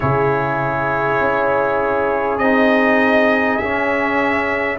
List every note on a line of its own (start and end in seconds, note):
0.00 1.20 C#3
0.00 2.40 E4
0.00 4.78 G#4
0.00 2.38 C#5
1.20 2.38 C#4
2.38 3.58 C4
2.38 3.61 D#4
2.38 3.56 D#5
3.56 4.78 C#4
3.56 4.76 E5